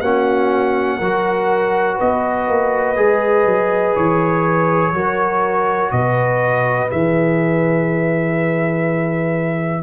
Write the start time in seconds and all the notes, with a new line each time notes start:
0.00 A#3 C#4 F#4 F#5
0.97 F#3 F#4 A#4
1.95 B3 B4 D#5
2.48 A#3
2.96 G#3 G#4
3.45 F#3
3.95 E3 C#5
4.92 F#3 F#4 A#4
5.91 B2 B4 D#5
6.89 E3 G#4 E5